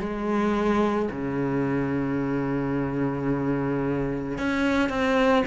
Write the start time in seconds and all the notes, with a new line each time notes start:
0.00 G#3
1.12 C#3
4.38 C#4
4.89 C4